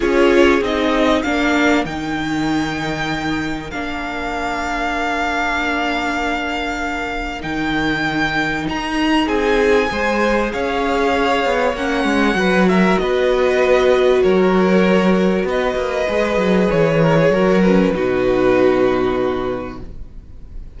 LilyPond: <<
  \new Staff \with { instrumentName = "violin" } { \time 4/4 \tempo 4 = 97 cis''4 dis''4 f''4 g''4~ | g''2 f''2~ | f''1 | g''2 ais''4 gis''4~ |
gis''4 f''2 fis''4~ | fis''8 e''8 dis''2 cis''4~ | cis''4 dis''2 cis''4~ | cis''8 b'2.~ b'8 | }
  \new Staff \with { instrumentName = "violin" } { \time 4/4 gis'2 ais'2~ | ais'1~ | ais'1~ | ais'2. gis'4 |
c''4 cis''2. | b'8 ais'8 b'2 ais'4~ | ais'4 b'2~ b'8 ais'16 gis'16 | ais'4 fis'2. | }
  \new Staff \with { instrumentName = "viola" } { \time 4/4 f'4 dis'4 d'4 dis'4~ | dis'2 d'2~ | d'1 | dis'1 |
gis'2. cis'4 | fis'1~ | fis'2 gis'2 | fis'8 cis'8 dis'2. | }
  \new Staff \with { instrumentName = "cello" } { \time 4/4 cis'4 c'4 ais4 dis4~ | dis2 ais2~ | ais1 | dis2 dis'4 c'4 |
gis4 cis'4. b8 ais8 gis8 | fis4 b2 fis4~ | fis4 b8 ais8 gis8 fis8 e4 | fis4 b,2. | }
>>